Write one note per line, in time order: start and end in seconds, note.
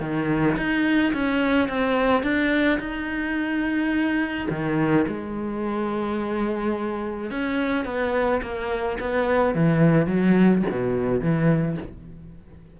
0.00 0.56 D#3
0.57 1.13 D#4
1.13 1.68 C#4
1.68 2.23 C4
2.23 2.79 D4
2.79 4.47 D#4
4.49 5.05 D#3
5.07 7.30 G#3
7.30 7.85 C#4
7.85 8.41 B3
8.42 8.98 A#3
8.99 9.54 B3
9.54 10.06 E3
10.06 10.62 F#3
10.70 11.21 B2
11.21 11.77 E3